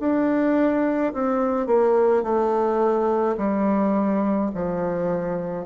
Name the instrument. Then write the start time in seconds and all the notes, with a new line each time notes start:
bassoon
0.00 D4
1.13 C4
1.67 A#3
2.23 A3
3.38 G3
4.54 F3